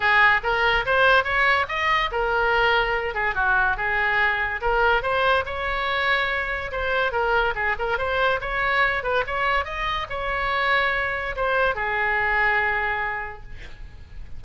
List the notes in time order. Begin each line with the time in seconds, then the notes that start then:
0.00 G#4
0.43 A#4
0.85 C5
1.24 C#5
1.68 D#5
2.11 A#4
3.14 G#4
3.35 F#4
3.76 G#4
4.61 A#4
5.02 C5
5.45 C#5
6.71 C5
7.12 A#4
7.55 G#4
7.78 A#4
7.97 C5
8.40 C#5
9.03 B4
9.26 C#5
9.64 D#5
10.09 C#5
11.36 C5
11.75 G#4